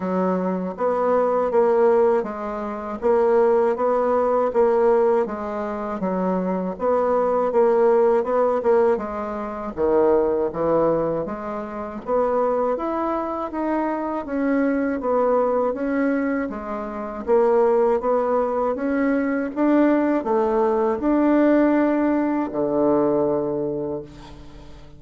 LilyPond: \new Staff \with { instrumentName = "bassoon" } { \time 4/4 \tempo 4 = 80 fis4 b4 ais4 gis4 | ais4 b4 ais4 gis4 | fis4 b4 ais4 b8 ais8 | gis4 dis4 e4 gis4 |
b4 e'4 dis'4 cis'4 | b4 cis'4 gis4 ais4 | b4 cis'4 d'4 a4 | d'2 d2 | }